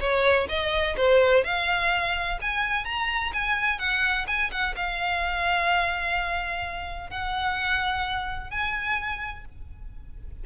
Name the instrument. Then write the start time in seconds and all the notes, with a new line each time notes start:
violin
0.00 C#5
0.49 D#5
0.97 C5
1.44 F5
2.42 G#5
2.85 A#5
3.33 G#5
3.79 F#5
4.27 G#5
4.51 F#5
4.76 F5
7.10 F#5
8.50 G#5